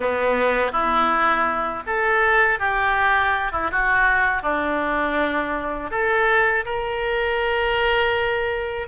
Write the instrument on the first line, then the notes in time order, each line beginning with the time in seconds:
oboe
0.00 B3
0.72 E4
1.86 A4
2.59 G4
3.52 E4
3.71 F#4
4.42 D4
5.90 A4
6.65 A#4